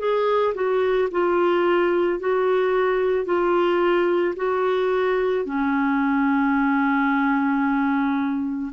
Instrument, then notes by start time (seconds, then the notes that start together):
clarinet
0.00 G#4
0.55 F#4
1.12 F4
2.20 F#4
3.26 F4
4.37 F#4
5.45 C#4